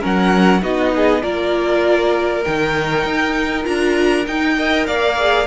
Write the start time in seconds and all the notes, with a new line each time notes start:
0.00 F#3 C#4 A#4 F#5
0.62 B3 D#4 F#4 D#5
0.95 G#4
1.22 A#3 F4 A#4 D5
2.44 D#3 D#4 G5
3.05 D#4
3.64 D4 F4 A#5
4.26 D#4 G5
4.56 A#4 D#5
4.86 A#3 D5 F5
5.18 G#4